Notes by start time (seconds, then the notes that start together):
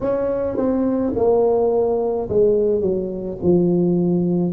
0.01 C#4
0.57 C4
1.15 A#3
2.29 G#3
2.80 F#3
3.43 F3